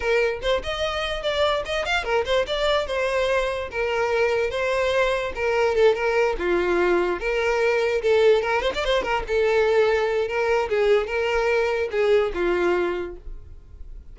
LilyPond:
\new Staff \with { instrumentName = "violin" } { \time 4/4 \tempo 4 = 146 ais'4 c''8 dis''4. d''4 | dis''8 f''8 ais'8 c''8 d''4 c''4~ | c''4 ais'2 c''4~ | c''4 ais'4 a'8 ais'4 f'8~ |
f'4. ais'2 a'8~ | a'8 ais'8 c''16 d''16 c''8 ais'8 a'4.~ | a'4 ais'4 gis'4 ais'4~ | ais'4 gis'4 f'2 | }